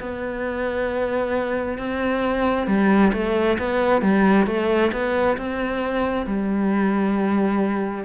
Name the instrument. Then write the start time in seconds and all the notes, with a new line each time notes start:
cello
0.00 B3
1.79 C4
2.67 G3
3.13 A3
3.59 B3
4.02 G3
4.47 A3
4.93 B3
5.37 C4
6.26 G3